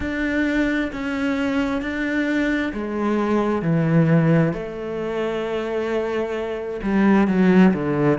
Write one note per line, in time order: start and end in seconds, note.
0.00 0.91 D4
0.92 1.81 C#4
1.81 2.72 D4
2.73 3.62 G#3
3.62 4.52 E3
4.53 6.80 A3
6.82 7.27 G3
7.27 7.73 F#3
7.73 8.19 D3